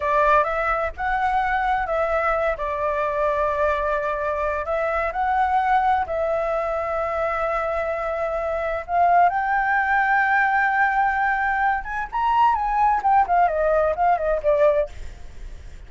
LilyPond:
\new Staff \with { instrumentName = "flute" } { \time 4/4 \tempo 4 = 129 d''4 e''4 fis''2 | e''4. d''2~ d''8~ | d''2 e''4 fis''4~ | fis''4 e''2.~ |
e''2. f''4 | g''1~ | g''4. gis''8 ais''4 gis''4 | g''8 f''8 dis''4 f''8 dis''8 d''4 | }